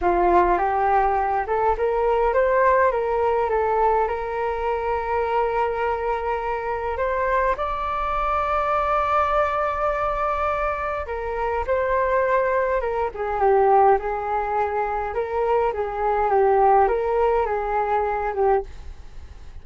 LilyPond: \new Staff \with { instrumentName = "flute" } { \time 4/4 \tempo 4 = 103 f'4 g'4. a'8 ais'4 | c''4 ais'4 a'4 ais'4~ | ais'1 | c''4 d''2.~ |
d''2. ais'4 | c''2 ais'8 gis'8 g'4 | gis'2 ais'4 gis'4 | g'4 ais'4 gis'4. g'8 | }